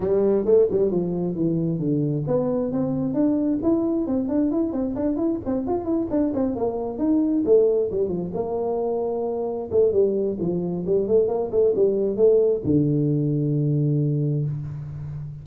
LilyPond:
\new Staff \with { instrumentName = "tuba" } { \time 4/4 \tempo 4 = 133 g4 a8 g8 f4 e4 | d4 b4 c'4 d'4 | e'4 c'8 d'8 e'8 c'8 d'8 e'8 | c'8 f'8 e'8 d'8 c'8 ais4 dis'8~ |
dis'8 a4 g8 f8 ais4.~ | ais4. a8 g4 f4 | g8 a8 ais8 a8 g4 a4 | d1 | }